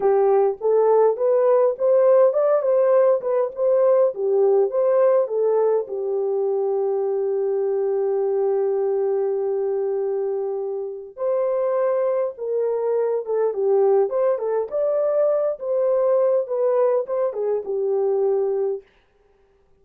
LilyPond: \new Staff \with { instrumentName = "horn" } { \time 4/4 \tempo 4 = 102 g'4 a'4 b'4 c''4 | d''8 c''4 b'8 c''4 g'4 | c''4 a'4 g'2~ | g'1~ |
g'2. c''4~ | c''4 ais'4. a'8 g'4 | c''8 a'8 d''4. c''4. | b'4 c''8 gis'8 g'2 | }